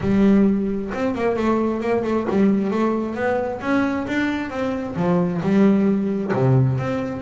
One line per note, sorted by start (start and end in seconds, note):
0.00 0.91 G3
0.94 1.14 C4
1.14 1.36 A#3
1.36 1.80 A3
1.80 2.03 A#3
2.04 2.26 A3
2.30 2.71 G3
2.71 3.14 A3
3.14 3.59 B3
3.61 4.06 C#4
4.07 4.49 D4
4.49 4.95 C4
4.96 5.41 F3
5.42 6.32 G3
6.33 6.78 C3
6.78 7.21 C4